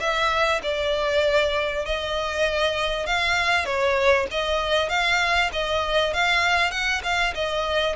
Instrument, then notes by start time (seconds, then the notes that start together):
violin
0.00 E5
0.63 D5
1.86 D#5
3.07 F5
3.66 C#5
4.31 D#5
4.89 F5
5.53 D#5
6.14 F5
6.71 F#5
7.04 F5
7.35 D#5